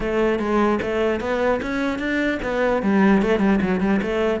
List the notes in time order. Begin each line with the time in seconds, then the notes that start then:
0.00 A3
0.39 G#3
0.81 A3
1.20 B3
1.62 C#4
1.98 D4
2.42 B3
2.82 G3
3.22 A3
3.39 G3
3.61 F#3
3.80 G3
4.02 A3